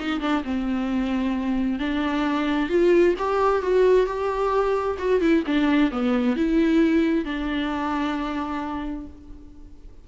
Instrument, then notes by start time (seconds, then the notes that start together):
viola
0.00 D#4
0.21 D4
0.44 C4
1.80 D4
2.70 F4
3.19 G4
3.62 F#4
4.07 G4
4.99 F#4
5.21 E4
5.47 D4
5.92 B3
6.36 E4
7.25 D4